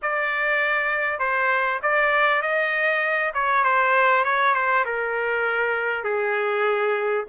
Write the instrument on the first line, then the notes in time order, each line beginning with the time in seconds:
trumpet
0.02 D5
1.19 C5
1.82 D5
2.42 D#5
3.34 C#5
3.64 C5
4.24 C#5
4.54 C5
4.85 A#4
6.04 G#4